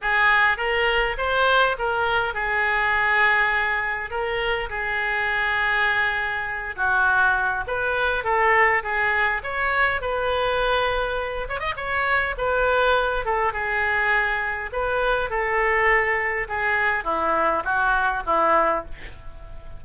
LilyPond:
\new Staff \with { instrumentName = "oboe" } { \time 4/4 \tempo 4 = 102 gis'4 ais'4 c''4 ais'4 | gis'2. ais'4 | gis'2.~ gis'8 fis'8~ | fis'4 b'4 a'4 gis'4 |
cis''4 b'2~ b'8 cis''16 dis''16 | cis''4 b'4. a'8 gis'4~ | gis'4 b'4 a'2 | gis'4 e'4 fis'4 e'4 | }